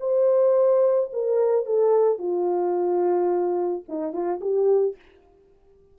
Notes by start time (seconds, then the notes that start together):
0.00 C5
1.13 A#4
1.65 A4
2.18 F4
3.88 D#4
4.12 F4
4.41 G4